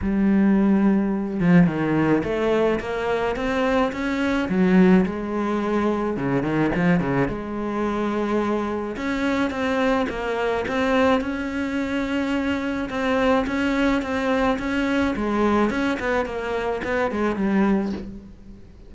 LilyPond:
\new Staff \with { instrumentName = "cello" } { \time 4/4 \tempo 4 = 107 g2~ g8 f8 dis4 | a4 ais4 c'4 cis'4 | fis4 gis2 cis8 dis8 | f8 cis8 gis2. |
cis'4 c'4 ais4 c'4 | cis'2. c'4 | cis'4 c'4 cis'4 gis4 | cis'8 b8 ais4 b8 gis8 g4 | }